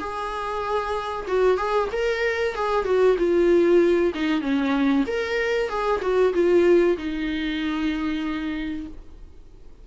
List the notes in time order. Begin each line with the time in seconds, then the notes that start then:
0.00 G#4
1.28 F#4
1.58 G#4
1.93 A#4
2.55 G#4
2.85 F#4
3.19 F4
4.15 D#4
4.42 C#4
5.07 A#4
5.70 G#4
6.02 F#4
6.34 F4
6.98 D#4